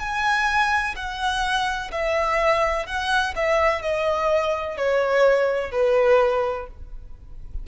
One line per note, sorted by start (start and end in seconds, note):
0.00 0.95 G#5
0.96 1.91 F#5
1.91 2.86 E5
2.86 3.34 F#5
3.36 3.82 E5
3.82 4.77 D#5
4.77 5.72 C#5
5.72 6.67 B4